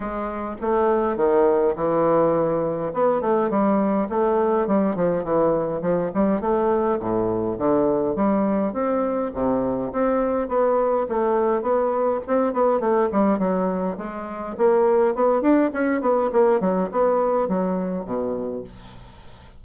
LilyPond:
\new Staff \with { instrumentName = "bassoon" } { \time 4/4 \tempo 4 = 103 gis4 a4 dis4 e4~ | e4 b8 a8 g4 a4 | g8 f8 e4 f8 g8 a4 | a,4 d4 g4 c'4 |
c4 c'4 b4 a4 | b4 c'8 b8 a8 g8 fis4 | gis4 ais4 b8 d'8 cis'8 b8 | ais8 fis8 b4 fis4 b,4 | }